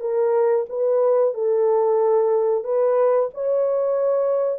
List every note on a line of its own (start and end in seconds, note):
0.00 0.65 A#4
0.69 1.34 B4
1.34 2.64 A4
2.64 3.29 B4
3.33 4.59 C#5